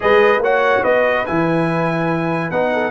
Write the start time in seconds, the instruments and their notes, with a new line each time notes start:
0.00 tuba G#3, trombone G#4, horn B4, trumpet D#5
0.38 tuba A#3, trombone F#4, horn C#5, trumpet F#5
0.82 tuba B3, horn B4, trumpet D#5
1.26 tuba E3, trombone E4, trumpet G#5
2.50 tuba B3, trombone D#4, trumpet F#5
2.72 horn A4